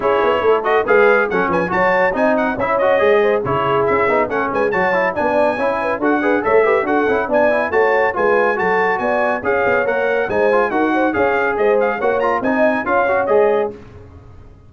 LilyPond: <<
  \new Staff \with { instrumentName = "trumpet" } { \time 4/4 \tempo 4 = 140 cis''4. dis''8 f''4 fis''8 gis''8 | a''4 gis''8 fis''8 e''8 dis''4. | cis''4 e''4 fis''8 gis''8 a''4 | gis''2 fis''4 e''4 |
fis''4 gis''4 a''4 gis''4 | a''4 gis''4 f''4 fis''4 | gis''4 fis''4 f''4 dis''8 f''8 | fis''8 ais''8 gis''4 f''4 dis''4 | }
  \new Staff \with { instrumentName = "horn" } { \time 4/4 gis'4 a'4 b'4 a'8 b'8 | cis''4 dis''4 cis''4. c''8 | gis'2 a'8 b'8 cis''4 | d''4 cis''8 b'8 a'8 b'8 cis''8 b'8 |
a'4 d''4 cis''4 b'4 | a'4 d''4 cis''2 | c''4 ais'8 c''8 cis''4 c''4 | cis''4 dis''4 cis''2 | }
  \new Staff \with { instrumentName = "trombone" } { \time 4/4 e'4. fis'8 gis'4 cis'4 | fis'4 dis'4 e'8 fis'8 gis'4 | e'4. dis'8 cis'4 fis'8 e'8 | d'4 e'4 fis'8 gis'8 a'8 g'8 |
fis'8 e'8 d'8 e'8 fis'4 f'4 | fis'2 gis'4 ais'4 | dis'8 f'8 fis'4 gis'2 | fis'8 f'8 dis'4 f'8 fis'8 gis'4 | }
  \new Staff \with { instrumentName = "tuba" } { \time 4/4 cis'8 b8 a4 gis4 fis8 f8 | fis4 c'4 cis'4 gis4 | cis4 cis'8 b8 a8 gis8 fis4 | b4 cis'4 d'4 a4 |
d'8 cis'8 b4 a4 gis4 | fis4 b4 cis'8 b8 ais4 | gis4 dis'4 cis'4 gis4 | ais4 c'4 cis'4 gis4 | }
>>